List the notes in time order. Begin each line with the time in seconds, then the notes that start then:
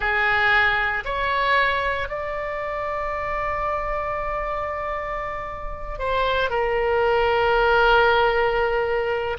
0.00 G#4
1.04 C#5
2.08 D5
5.98 C5
6.50 A#4